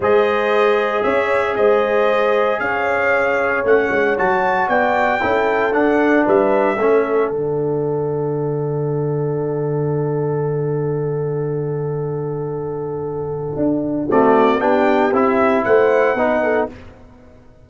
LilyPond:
<<
  \new Staff \with { instrumentName = "trumpet" } { \time 4/4 \tempo 4 = 115 dis''2 e''4 dis''4~ | dis''4 f''2 fis''4 | a''4 g''2 fis''4 | e''2 fis''2~ |
fis''1~ | fis''1~ | fis''2. d''4 | g''4 e''4 fis''2 | }
  \new Staff \with { instrumentName = "horn" } { \time 4/4 c''2 cis''4 c''4~ | c''4 cis''2.~ | cis''4 d''4 a'2 | b'4 a'2.~ |
a'1~ | a'1~ | a'2. fis'4 | g'2 c''4 b'8 a'8 | }
  \new Staff \with { instrumentName = "trombone" } { \time 4/4 gis'1~ | gis'2. cis'4 | fis'2 e'4 d'4~ | d'4 cis'4 d'2~ |
d'1~ | d'1~ | d'2. a4 | d'4 e'2 dis'4 | }
  \new Staff \with { instrumentName = "tuba" } { \time 4/4 gis2 cis'4 gis4~ | gis4 cis'2 a8 gis8 | fis4 b4 cis'4 d'4 | g4 a4 d2~ |
d1~ | d1~ | d2 d'4 c'4 | b4 c'4 a4 b4 | }
>>